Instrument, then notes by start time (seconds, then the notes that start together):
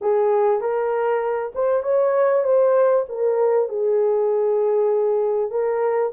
horn
0.01 G#4
0.60 A#4
1.54 C5
1.82 C#5
2.44 C5
3.08 A#4
3.68 G#4
5.50 A#4